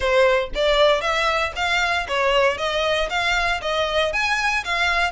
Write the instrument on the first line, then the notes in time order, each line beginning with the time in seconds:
violin
0.00 C5
0.55 D5
1.01 E5
1.55 F5
2.08 C#5
2.57 D#5
3.09 F5
3.61 D#5
4.13 G#5
4.64 F5